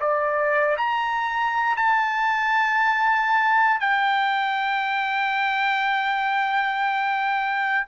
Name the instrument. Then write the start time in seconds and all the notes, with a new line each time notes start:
trumpet
0.00 D5
0.77 A#5
1.77 A5
3.80 G5